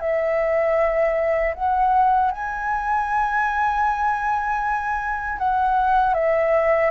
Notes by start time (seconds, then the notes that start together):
0.00 E5
1.54 F#5
2.31 G#5
5.38 F#5
6.14 E5